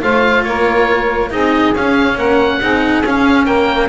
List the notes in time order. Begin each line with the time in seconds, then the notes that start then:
0.00 A3 F4 C5 F5
0.43 A#3 A#4 C#5
1.30 C4 D#4 G#4 D#5
1.74 C#4 F5
2.15 A#3 A#4 F#5
2.60 C4 D#4 G#4
3.02 C#4 F5
3.44 A#3 A#4 G5